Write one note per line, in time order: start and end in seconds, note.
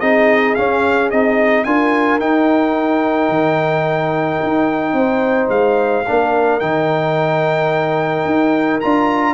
0.00 0.57 C4
0.00 0.57 D#4
0.00 1.66 G#4
0.00 0.55 D#5
0.55 1.12 C#4
0.55 1.13 C#4
0.55 1.10 F5
1.11 1.66 C4
1.11 1.66 D#4
1.11 1.64 D#5
1.64 2.20 D4
1.64 2.20 F4
1.64 4.96 A#4
1.64 2.19 G#5
2.20 6.06 D#4
2.20 3.29 D#4
2.20 5.50 G5
3.29 4.39 D#3
4.43 4.93 D#4
4.93 5.48 C4
4.93 6.06 C5
5.49 6.04 G#3
5.49 6.60 F5
6.08 6.61 A#3
6.08 6.62 D4
6.08 9.35 A#4
6.60 8.25 D#3
6.60 8.82 D#4
6.60 8.80 G5
8.25 8.81 D#4
8.81 9.35 D4
8.81 9.35 F4
8.81 9.35 A#5